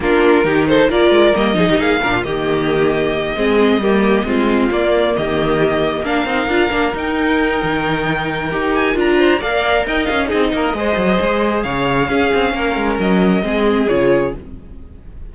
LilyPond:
<<
  \new Staff \with { instrumentName = "violin" } { \time 4/4 \tempo 4 = 134 ais'4. c''8 d''4 dis''4 | f''4 dis''2.~ | dis''2~ dis''8 d''4 dis''8~ | dis''4. f''2 g''8~ |
g''2.~ g''8 gis''8 | ais''4 f''4 g''8 f''8 dis''4~ | dis''2 f''2~ | f''4 dis''2 cis''4 | }
  \new Staff \with { instrumentName = "violin" } { \time 4/4 f'4 g'8 a'8 ais'4. gis'16 g'16 | gis'8 ais'16 f'16 g'2~ g'8 gis'8~ | gis'8 g'4 f'2 g'8~ | g'4. ais'2~ ais'8~ |
ais'1~ | ais'8 c''8 d''4 dis''4 gis'8 ais'8 | c''2 cis''4 gis'4 | ais'2 gis'2 | }
  \new Staff \with { instrumentName = "viola" } { \time 4/4 d'4 dis'4 f'4 ais8 dis'8~ | dis'8 d'8 ais2~ ais8 c'8~ | c'8 ais4 c'4 ais4.~ | ais4. d'8 dis'8 f'8 d'8 dis'8~ |
dis'2. g'4 | f'4 ais'2 dis'4 | gis'2. cis'4~ | cis'2 c'4 f'4 | }
  \new Staff \with { instrumentName = "cello" } { \time 4/4 ais4 dis4 ais8 gis8 g8 f16 dis16 | ais8 ais,8 dis2~ dis8 gis8~ | gis8 g4 gis4 ais4 dis8~ | dis4. ais8 c'8 d'8 ais8 dis'8~ |
dis'4 dis2 dis'4 | d'4 ais4 dis'8 cis'8 c'8 ais8 | gis8 fis8 gis4 cis4 cis'8 c'8 | ais8 gis8 fis4 gis4 cis4 | }
>>